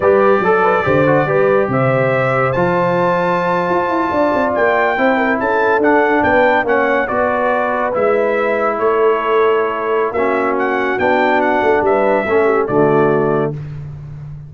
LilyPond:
<<
  \new Staff \with { instrumentName = "trumpet" } { \time 4/4 \tempo 4 = 142 d''1 | e''2 a''2~ | a''2~ a''8. g''4~ g''16~ | g''8. a''4 fis''4 g''4 fis''16~ |
fis''8. d''2 e''4~ e''16~ | e''8. cis''2.~ cis''16 | e''4 fis''4 g''4 fis''4 | e''2 d''2 | }
  \new Staff \with { instrumentName = "horn" } { \time 4/4 b'4 a'8 b'8 c''4 b'4 | c''1~ | c''4.~ c''16 d''2 c''16~ | c''16 ais'8 a'2 b'4 cis''16~ |
cis''8. b'2.~ b'16~ | b'8. a'2.~ a'16 | fis'1 | b'4 a'8 g'8 fis'2 | }
  \new Staff \with { instrumentName = "trombone" } { \time 4/4 g'4 a'4 g'8 fis'8 g'4~ | g'2 f'2~ | f'2.~ f'8. e'16~ | e'4.~ e'16 d'2 cis'16~ |
cis'8. fis'2 e'4~ e'16~ | e'1 | cis'2 d'2~ | d'4 cis'4 a2 | }
  \new Staff \with { instrumentName = "tuba" } { \time 4/4 g4 fis4 d4 g4 | c2 f2~ | f8. f'8 e'8 d'8 c'8 ais4 c'16~ | c'8. cis'4 d'4 b4 ais16~ |
ais8. b2 gis4~ gis16~ | gis8. a2.~ a16 | ais2 b4. a8 | g4 a4 d2 | }
>>